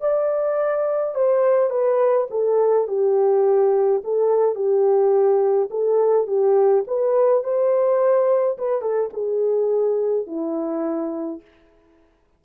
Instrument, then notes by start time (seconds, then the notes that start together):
horn
0.00 D5
1.15 C5
1.70 B4
2.30 A4
2.87 G4
4.04 A4
4.55 G4
5.70 A4
6.27 G4
6.87 B4
7.43 C5
8.57 B4
8.81 A4
9.13 G#4
10.26 E4